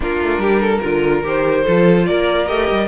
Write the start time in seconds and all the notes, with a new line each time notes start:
0.00 A#3 D4 F4 A#4
0.21 A3
0.38 G3 G4
0.60 A4
0.82 D3 F4 A#4
1.23 D#3 G4 C5
1.64 F3 F4 A4
2.06 A#3 A#4 D5
2.47 A3 G4 D#5
2.70 G3